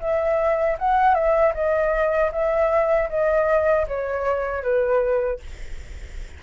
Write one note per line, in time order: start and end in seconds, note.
0.00 0.77 E5
0.79 1.14 F#5
1.14 1.53 E5
1.54 2.31 D#5
2.32 3.09 E5
3.09 3.86 D#5
3.87 4.63 C#5
4.63 5.40 B4